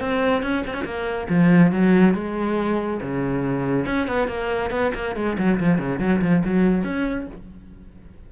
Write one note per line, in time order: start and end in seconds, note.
0.00 0.42 C4
0.42 0.64 C#4
0.67 0.73 C4
0.73 0.84 C#4
0.84 1.27 A#3
1.29 1.72 F3
1.72 2.14 F#3
2.14 3.00 G#3
3.01 3.86 C#3
3.86 4.07 C#4
4.07 4.28 B3
4.28 4.70 A#3
4.70 4.92 B3
4.94 5.15 A#3
5.15 5.37 G#3
5.38 5.59 F#3
5.60 5.78 F3
5.78 5.99 C#3
5.99 6.21 F#3
6.21 6.43 F3
6.44 6.84 F#3
6.84 7.26 C#4